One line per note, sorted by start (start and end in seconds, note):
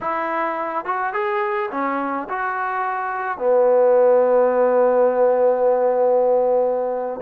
0.00 0.85 E4
0.85 1.13 F#4
1.13 1.69 G#4
1.71 2.28 C#4
2.29 3.38 F#4
3.38 7.20 B3